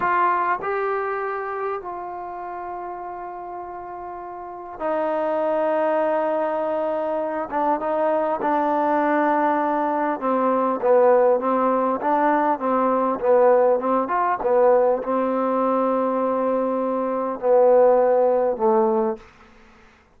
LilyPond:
\new Staff \with { instrumentName = "trombone" } { \time 4/4 \tempo 4 = 100 f'4 g'2 f'4~ | f'1 | dis'1~ | dis'8 d'8 dis'4 d'2~ |
d'4 c'4 b4 c'4 | d'4 c'4 b4 c'8 f'8 | b4 c'2.~ | c'4 b2 a4 | }